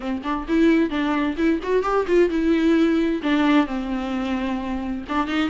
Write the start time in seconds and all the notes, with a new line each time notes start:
0.00 C4
0.23 D4
0.47 E4
0.90 D4
1.37 E4
1.62 F#4
1.83 G4
2.07 F4
2.29 E4
3.22 D4
3.66 C4
5.08 D4
5.27 D#4